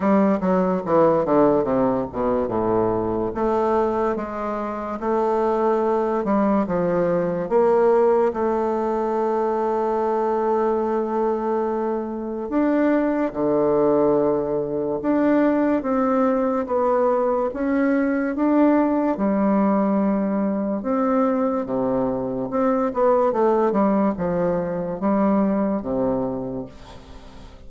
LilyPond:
\new Staff \with { instrumentName = "bassoon" } { \time 4/4 \tempo 4 = 72 g8 fis8 e8 d8 c8 b,8 a,4 | a4 gis4 a4. g8 | f4 ais4 a2~ | a2. d'4 |
d2 d'4 c'4 | b4 cis'4 d'4 g4~ | g4 c'4 c4 c'8 b8 | a8 g8 f4 g4 c4 | }